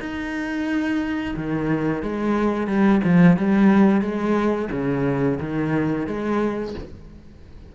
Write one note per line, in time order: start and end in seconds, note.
0.00 1.35 D#4
1.37 2.03 D#3
2.03 2.68 G#3
2.68 3.01 G3
3.04 3.37 F3
3.37 4.01 G3
4.01 4.69 G#3
4.72 5.39 C#3
5.40 6.07 D#3
6.07 6.74 G#3